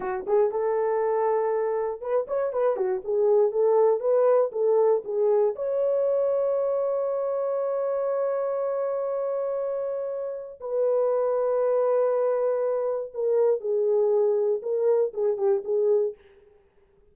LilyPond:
\new Staff \with { instrumentName = "horn" } { \time 4/4 \tempo 4 = 119 fis'8 gis'8 a'2. | b'8 cis''8 b'8 fis'8 gis'4 a'4 | b'4 a'4 gis'4 cis''4~ | cis''1~ |
cis''1~ | cis''4 b'2.~ | b'2 ais'4 gis'4~ | gis'4 ais'4 gis'8 g'8 gis'4 | }